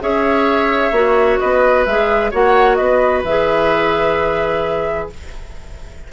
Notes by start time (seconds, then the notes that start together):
0.00 C#4 G#4 C#5 E5
0.92 A#3 F#4
1.39 B3 B4 D#5
1.86 G#3 G#4 E5
2.31 A#3 F#4 C#5 F#5
2.75 B3 B4 D#5
3.23 E3 G#4 E5